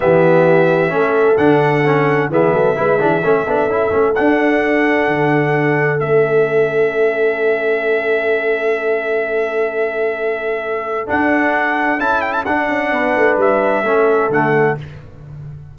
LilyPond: <<
  \new Staff \with { instrumentName = "trumpet" } { \time 4/4 \tempo 4 = 130 e''2. fis''4~ | fis''4 e''2.~ | e''4 fis''2.~ | fis''4 e''2.~ |
e''1~ | e''1 | fis''2 a''8 g''16 a''16 fis''4~ | fis''4 e''2 fis''4 | }
  \new Staff \with { instrumentName = "horn" } { \time 4/4 g'2 a'2~ | a'4 gis'8 a'8 b'8 gis'8 a'4~ | a'1~ | a'1~ |
a'1~ | a'1~ | a'1 | b'2 a'2 | }
  \new Staff \with { instrumentName = "trombone" } { \time 4/4 b2 cis'4 d'4 | cis'4 b4 e'8 d'8 cis'8 d'8 | e'8 cis'8 d'2.~ | d'4 cis'2.~ |
cis'1~ | cis'1 | d'2 e'4 d'4~ | d'2 cis'4 a4 | }
  \new Staff \with { instrumentName = "tuba" } { \time 4/4 e2 a4 d4~ | d4 e8 fis8 gis8 e8 a8 b8 | cis'8 a8 d'2 d4~ | d4 a2.~ |
a1~ | a1 | d'2 cis'4 d'8 cis'8 | b8 a8 g4 a4 d4 | }
>>